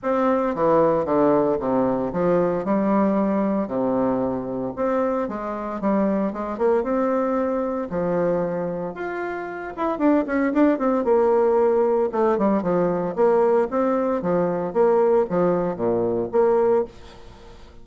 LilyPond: \new Staff \with { instrumentName = "bassoon" } { \time 4/4 \tempo 4 = 114 c'4 e4 d4 c4 | f4 g2 c4~ | c4 c'4 gis4 g4 | gis8 ais8 c'2 f4~ |
f4 f'4. e'8 d'8 cis'8 | d'8 c'8 ais2 a8 g8 | f4 ais4 c'4 f4 | ais4 f4 ais,4 ais4 | }